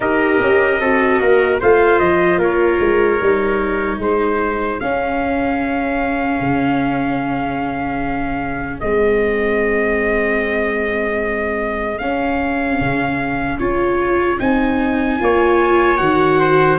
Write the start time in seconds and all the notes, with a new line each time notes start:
0.00 D#4 G4 A#4 D#5
0.41 C#4
0.80 C4 F#4 A4
1.20 A#3 A#4
1.60 A3 F4 C5 F5
1.99 F3 D#5
2.37 A#3 A#4 C#5
2.80 G#3
3.20 G3 D#4
3.98 G#3 G#4 C5
4.79 C#4 F5
6.40 C#3
8.79 G#3 C4 D#5
11.98 C#4 F5
12.80 C#3
13.58 C#4 F4 C#5
14.39 C4 D#4 G#5
15.19 A#3 F4 C#5
15.97 D#3 F#4 F#5
16.39 C5